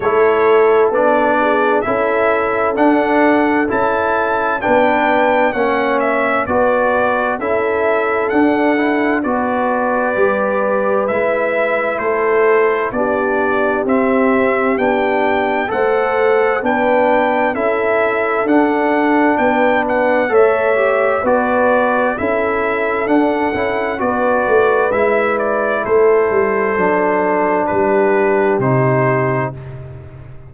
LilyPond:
<<
  \new Staff \with { instrumentName = "trumpet" } { \time 4/4 \tempo 4 = 65 cis''4 d''4 e''4 fis''4 | a''4 g''4 fis''8 e''8 d''4 | e''4 fis''4 d''2 | e''4 c''4 d''4 e''4 |
g''4 fis''4 g''4 e''4 | fis''4 g''8 fis''8 e''4 d''4 | e''4 fis''4 d''4 e''8 d''8 | c''2 b'4 c''4 | }
  \new Staff \with { instrumentName = "horn" } { \time 4/4 a'4. gis'8 a'2~ | a'4 b'4 cis''4 b'4 | a'2 b'2~ | b'4 a'4 g'2~ |
g'4 c''4 b'4 a'4~ | a'4 b'4 cis''4 b'4 | a'2 b'2 | a'2 g'2 | }
  \new Staff \with { instrumentName = "trombone" } { \time 4/4 e'4 d'4 e'4 d'4 | e'4 d'4 cis'4 fis'4 | e'4 d'8 e'8 fis'4 g'4 | e'2 d'4 c'4 |
d'4 a'4 d'4 e'4 | d'2 a'8 g'8 fis'4 | e'4 d'8 e'8 fis'4 e'4~ | e'4 d'2 dis'4 | }
  \new Staff \with { instrumentName = "tuba" } { \time 4/4 a4 b4 cis'4 d'4 | cis'4 b4 ais4 b4 | cis'4 d'4 b4 g4 | gis4 a4 b4 c'4 |
b4 a4 b4 cis'4 | d'4 b4 a4 b4 | cis'4 d'8 cis'8 b8 a8 gis4 | a8 g8 fis4 g4 c4 | }
>>